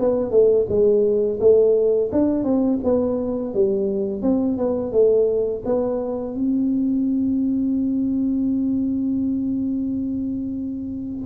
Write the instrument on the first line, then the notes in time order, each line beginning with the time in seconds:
tuba
0.00 B3
0.31 A3
0.69 G#3
1.40 A3
2.12 D4
2.44 C4
2.84 B3
3.54 G3
4.22 C4
4.58 B3
4.92 A3
5.65 B3
6.35 C4